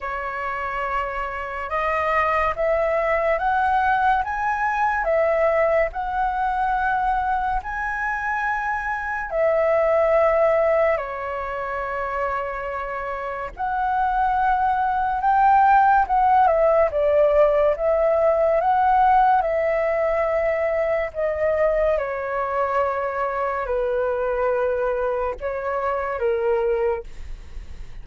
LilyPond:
\new Staff \with { instrumentName = "flute" } { \time 4/4 \tempo 4 = 71 cis''2 dis''4 e''4 | fis''4 gis''4 e''4 fis''4~ | fis''4 gis''2 e''4~ | e''4 cis''2. |
fis''2 g''4 fis''8 e''8 | d''4 e''4 fis''4 e''4~ | e''4 dis''4 cis''2 | b'2 cis''4 ais'4 | }